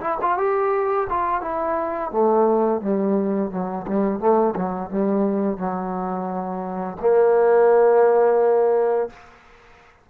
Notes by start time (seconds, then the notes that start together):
0.00 E4
0.21 F4
0.37 G4
1.09 F4
1.41 E4
2.11 A3
2.81 G3
3.50 F#3
3.87 G3
4.19 A3
4.55 F#3
4.90 G3
5.57 F#3
7.00 A#3